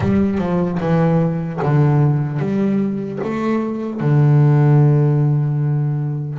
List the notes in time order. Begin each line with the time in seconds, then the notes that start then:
0.00 G3
0.38 F3
0.80 E3
1.62 D3
2.39 G3
3.23 A3
4.00 D3